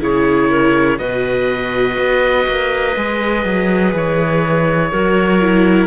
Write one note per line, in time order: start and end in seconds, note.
0.00 0.99 C#3
0.00 0.98 E4
0.00 0.49 G#4
0.00 0.98 C#5
0.49 0.98 A#4
0.98 1.97 B2
0.98 2.95 F#4
0.98 4.91 B4
0.98 3.93 D#5
1.97 2.46 B3
2.47 2.96 A#3
2.96 3.44 G#3
2.96 4.92 G#4
3.44 3.93 F#3
3.93 4.91 E3
3.93 5.86 C#5
4.91 5.86 F#3
4.91 5.41 F#4
4.91 5.86 A#4
5.41 5.86 E4